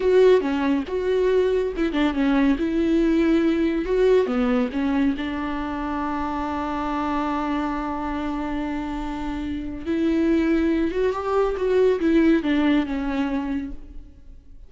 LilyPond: \new Staff \with { instrumentName = "viola" } { \time 4/4 \tempo 4 = 140 fis'4 cis'4 fis'2 | e'8 d'8 cis'4 e'2~ | e'4 fis'4 b4 cis'4 | d'1~ |
d'1~ | d'2. e'4~ | e'4. fis'8 g'4 fis'4 | e'4 d'4 cis'2 | }